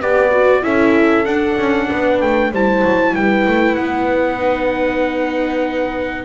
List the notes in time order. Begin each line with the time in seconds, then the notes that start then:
0.00 B3 G4 B4 D5
0.31 F#4
0.62 C#4 E4 A4 E5
1.25 D4 F#5
1.58 C#4
1.89 B3 B4
2.20 A3 G5
2.51 G3 E4 C5 A5
2.84 F#3
3.14 G3 B4 G5
3.47 A3
3.75 B3 F#5
4.38 D#4